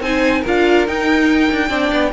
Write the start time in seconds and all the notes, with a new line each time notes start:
0.00 C4 D#4 C5 G#5
0.41 D4 F4 A#4
0.47 F5
0.87 D#4 G5
1.52 D4
1.69 C4 D4 D5
1.92 B3